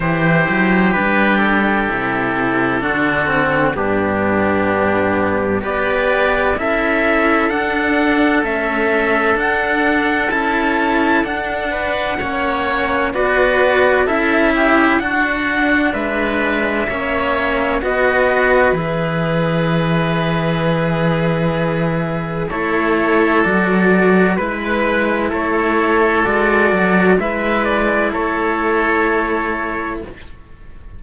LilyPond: <<
  \new Staff \with { instrumentName = "trumpet" } { \time 4/4 \tempo 4 = 64 c''4 b'8 a'2~ a'8 | g'2 d''4 e''4 | fis''4 e''4 fis''4 a''4 | fis''2 d''4 e''4 |
fis''4 e''2 dis''4 | e''1 | cis''4 d''4 b'4 cis''4 | d''4 e''8 d''8 cis''2 | }
  \new Staff \with { instrumentName = "oboe" } { \time 4/4 g'2. fis'4 | d'2 b'4 a'4~ | a'1~ | a'8 b'8 cis''4 b'4 a'8 g'8 |
fis'4 b'4 cis''4 b'4~ | b'1 | a'2 b'4 a'4~ | a'4 b'4 a'2 | }
  \new Staff \with { instrumentName = "cello" } { \time 4/4 e'4 d'4 e'4 d'8 c'8 | b2 g'4 e'4 | d'4 a4 d'4 e'4 | d'4 cis'4 fis'4 e'4 |
d'2 cis'4 fis'4 | gis'1 | e'4 fis'4 e'2 | fis'4 e'2. | }
  \new Staff \with { instrumentName = "cello" } { \time 4/4 e8 fis8 g4 c4 d4 | g,2 b4 cis'4 | d'4 cis'4 d'4 cis'4 | d'4 ais4 b4 cis'4 |
d'4 gis4 ais4 b4 | e1 | a4 fis4 gis4 a4 | gis8 fis8 gis4 a2 | }
>>